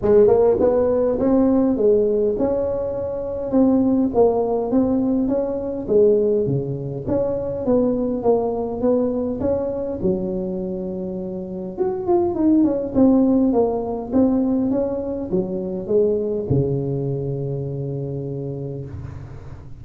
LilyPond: \new Staff \with { instrumentName = "tuba" } { \time 4/4 \tempo 4 = 102 gis8 ais8 b4 c'4 gis4 | cis'2 c'4 ais4 | c'4 cis'4 gis4 cis4 | cis'4 b4 ais4 b4 |
cis'4 fis2. | fis'8 f'8 dis'8 cis'8 c'4 ais4 | c'4 cis'4 fis4 gis4 | cis1 | }